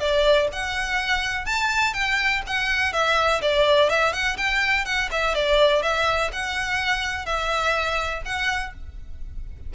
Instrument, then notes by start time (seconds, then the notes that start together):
violin
0.00 D5
0.53 F#5
1.46 A5
1.94 G5
2.47 F#5
2.93 E5
3.42 D5
3.90 E5
4.13 F#5
4.37 G5
4.85 F#5
5.11 E5
5.35 D5
5.82 E5
6.32 F#5
7.26 E5
8.25 F#5